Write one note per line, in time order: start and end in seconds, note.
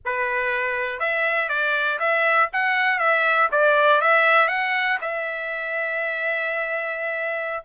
0.05 0.99 B4
0.99 1.48 E5
1.48 1.98 D5
1.99 2.49 E5
2.52 2.98 F#5
2.98 3.48 E5
3.51 4.01 D5
4.01 4.48 E5
4.48 4.98 F#5
5.01 7.63 E5